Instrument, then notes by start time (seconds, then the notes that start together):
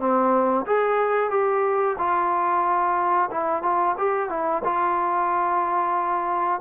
trombone
0.00 C4
0.67 G#4
1.31 G4
1.99 F4
3.31 E4
3.63 F4
3.99 G4
4.30 E4
4.65 F4